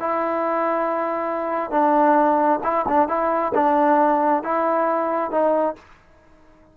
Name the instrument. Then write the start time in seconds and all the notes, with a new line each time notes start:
trombone
0.00 E4
1.71 D4
2.63 E4
2.88 D4
3.08 E4
3.54 D4
4.43 E4
5.31 D#4